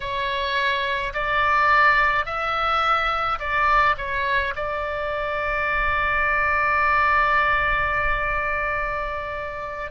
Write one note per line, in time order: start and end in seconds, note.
0.00 1.13 C#5
1.13 2.25 D5
2.25 3.39 E5
3.39 3.95 D5
3.97 4.54 C#5
4.55 9.91 D5